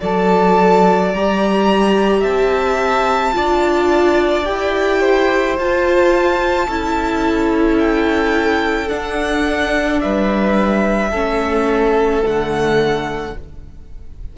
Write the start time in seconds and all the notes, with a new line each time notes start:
0.00 F#3 A4 D5 A5
1.13 G3 G4 A#5
2.20 C4 E5 A5
3.33 D4 F4 D5
4.45 E4 G4 G5
5.00 C5
5.58 F4 A5
6.67 C#4 E4 A4
7.79 G5
8.88 D4 F#5
10.00 G3 B4 E5
11.10 A3 C#4 A4
12.23 D3 A3 F#5